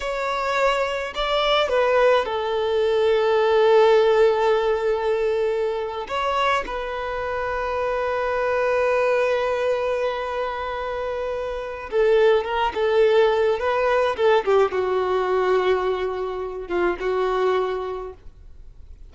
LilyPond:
\new Staff \with { instrumentName = "violin" } { \time 4/4 \tempo 4 = 106 cis''2 d''4 b'4 | a'1~ | a'2~ a'8. cis''4 b'16~ | b'1~ |
b'1~ | b'4 a'4 ais'8 a'4. | b'4 a'8 g'8 fis'2~ | fis'4. f'8 fis'2 | }